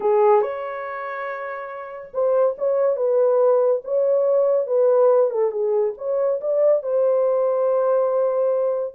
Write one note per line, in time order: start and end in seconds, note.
0.00 0.41 G#4
0.41 2.11 C#5
2.13 2.56 C5
2.57 2.96 C#5
2.96 3.81 B4
3.84 4.66 C#5
4.66 5.30 B4
5.30 5.51 A4
5.51 5.93 G#4
5.97 6.40 C#5
6.40 6.83 D5
6.83 8.94 C5